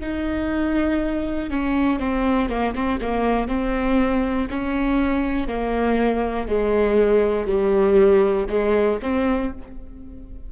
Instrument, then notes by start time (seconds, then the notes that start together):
viola
0.00 D#4
1.50 C#4
1.99 C4
2.49 A#3
2.74 C4
3.00 A#3
3.48 C4
4.50 C#4
5.47 A#3
6.47 G#3
7.46 G3
8.49 G#3
9.02 C4